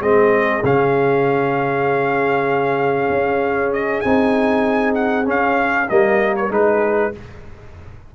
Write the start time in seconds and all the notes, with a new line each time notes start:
0.00 G#3 C4 G#4 D#5
0.64 C#3 C#4 F5
3.10 C#4
3.73 D#5
4.01 C4 D#4 G#5
4.95 F#5
5.25 C#4 F5
5.89 G3 A#3 A#4 D#5
6.36 C#5
6.50 G#3 D#4 G#4 B4